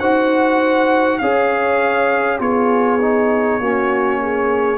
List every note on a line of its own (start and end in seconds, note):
0.00 1.20 D#4
0.00 1.22 F#4
0.00 1.21 C5
0.00 1.19 F#5
1.19 2.40 C#4
1.19 2.40 G#4
1.19 2.41 C#5
1.19 2.39 F5
2.40 3.60 B3
2.40 3.00 F4
2.40 3.61 G#4
2.40 4.78 C#5
3.02 3.62 D#4
3.60 4.78 A#3
3.60 4.78 C#4
3.60 4.21 F#4
4.21 4.78 G#4